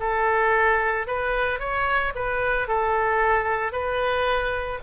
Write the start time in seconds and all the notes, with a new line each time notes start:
0.00 A4
1.07 B4
1.60 C#5
2.16 B4
2.68 A4
3.72 B4